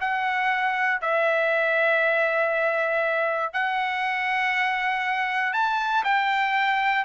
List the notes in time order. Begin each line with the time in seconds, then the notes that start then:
0.00 F#5
1.01 E5
3.53 F#5
5.53 A5
6.04 G5